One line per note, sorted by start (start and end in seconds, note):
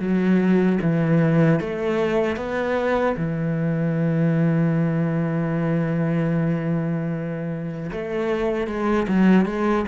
0.00 0.79 F#3
0.82 1.60 E3
1.60 2.37 A3
2.37 3.16 B3
3.17 7.91 E3
7.92 8.67 A3
8.67 9.07 G#3
9.08 9.46 F#3
9.46 9.85 G#3